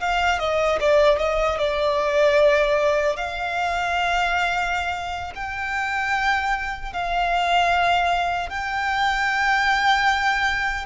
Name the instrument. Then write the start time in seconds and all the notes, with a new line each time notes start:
violin
0.00 F5
0.39 D#5
0.80 D5
1.18 D#5
1.58 D5
3.16 F5
5.35 G5
6.93 F5
8.49 G5